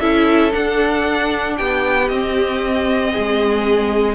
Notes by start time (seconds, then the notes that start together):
0.00 C#4 E4 A4 E5
0.51 D4 F#5
1.57 B3 G4 G5
2.08 C4 D#5
3.12 G#4
3.18 G#3